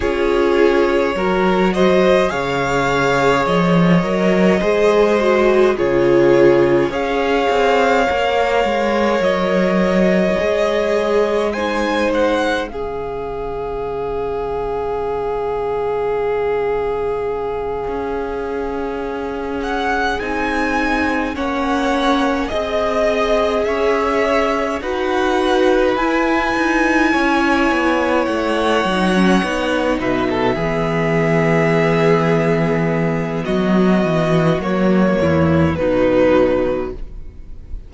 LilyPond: <<
  \new Staff \with { instrumentName = "violin" } { \time 4/4 \tempo 4 = 52 cis''4. dis''8 f''4 dis''4~ | dis''4 cis''4 f''2 | dis''2 gis''8 fis''8 f''4~ | f''1~ |
f''4 fis''8 gis''4 fis''4 dis''8~ | dis''8 e''4 fis''4 gis''4.~ | gis''8 fis''4. e''2~ | e''4 dis''4 cis''4 b'4 | }
  \new Staff \with { instrumentName = "violin" } { \time 4/4 gis'4 ais'8 c''8 cis''2 | c''4 gis'4 cis''2~ | cis''2 c''4 gis'4~ | gis'1~ |
gis'2~ gis'8 cis''4 dis''8~ | dis''8 cis''4 b'2 cis''8~ | cis''2 b'16 a'16 gis'4.~ | gis'4 fis'4. e'8 dis'4 | }
  \new Staff \with { instrumentName = "viola" } { \time 4/4 f'4 fis'4 gis'4. ais'8 | gis'8 fis'8 f'4 gis'4 ais'4~ | ais'4 gis'4 dis'4 cis'4~ | cis'1~ |
cis'4. dis'4 cis'4 gis'8~ | gis'4. fis'4 e'4.~ | e'4 dis'16 cis'16 dis'4 b4.~ | b2 ais4 fis4 | }
  \new Staff \with { instrumentName = "cello" } { \time 4/4 cis'4 fis4 cis4 f8 fis8 | gis4 cis4 cis'8 c'8 ais8 gis8 | fis4 gis2 cis4~ | cis2.~ cis8 cis'8~ |
cis'4. c'4 ais4 c'8~ | c'8 cis'4 dis'4 e'8 dis'8 cis'8 | b8 a8 fis8 b8 b,8 e4.~ | e4 fis8 e8 fis8 e,8 b,4 | }
>>